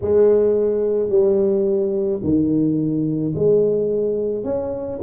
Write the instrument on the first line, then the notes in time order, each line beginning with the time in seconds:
tuba
0.01 G#3
1.09 G3
2.23 D#3
3.35 G#3
4.44 C#4